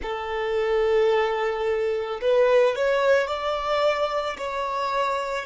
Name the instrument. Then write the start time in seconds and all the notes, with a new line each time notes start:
violin
0.02 A4
2.21 B4
2.75 C#5
3.27 D5
4.37 C#5